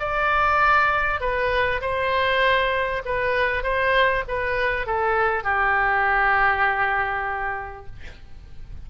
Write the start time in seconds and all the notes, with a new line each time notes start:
0.00 D5
1.21 B4
1.82 C5
3.06 B4
3.64 C5
4.28 B4
4.87 A4
5.44 G4